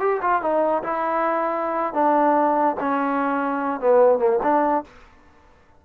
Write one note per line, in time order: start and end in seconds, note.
0.00 0.21 G4
0.22 0.42 F4
0.42 0.83 D#4
0.83 1.94 E4
1.94 2.76 D4
2.80 3.80 C#4
3.80 4.19 B3
4.19 4.39 A#3
4.43 4.84 D4